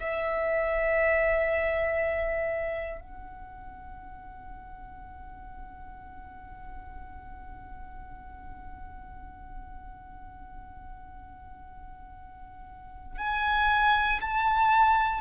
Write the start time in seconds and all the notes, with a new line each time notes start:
0.00 E5
3.01 F#5
13.18 G#5
14.21 A5